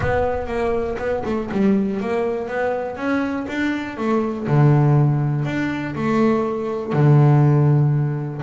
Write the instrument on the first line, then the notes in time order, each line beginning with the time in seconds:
double bass
0.00 B3
0.47 A#3
0.98 B3
1.25 A3
1.51 G3
2.00 A#3
2.48 B3
2.96 C#4
3.48 D4
3.97 A3
4.47 D3
5.45 D4
5.95 A3
6.92 D3